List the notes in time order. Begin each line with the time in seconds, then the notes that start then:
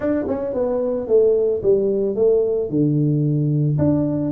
0.00 D4
0.28 C#4
0.53 B3
1.07 A3
1.62 G3
2.15 A3
2.69 D3
3.78 D4